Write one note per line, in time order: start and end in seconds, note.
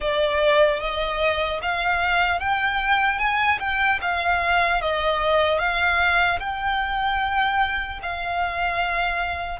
0.00 0.80 D5
0.80 1.60 D#5
1.62 2.39 F5
2.39 3.19 G5
3.19 3.59 G#5
3.59 3.99 G5
4.01 4.81 F5
4.81 5.59 D#5
5.59 6.39 F5
6.39 7.99 G5
8.02 9.59 F5